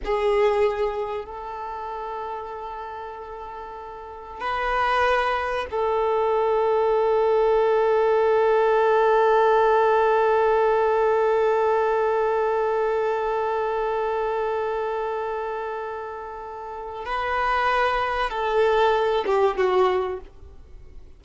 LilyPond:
\new Staff \with { instrumentName = "violin" } { \time 4/4 \tempo 4 = 95 gis'2 a'2~ | a'2. b'4~ | b'4 a'2.~ | a'1~ |
a'1~ | a'1~ | a'2. b'4~ | b'4 a'4. g'8 fis'4 | }